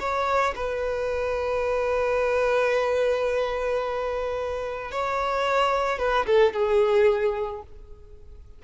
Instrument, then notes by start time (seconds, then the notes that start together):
violin
0.00 C#5
0.56 B4
4.92 C#5
5.99 B4
6.27 A4
6.53 G#4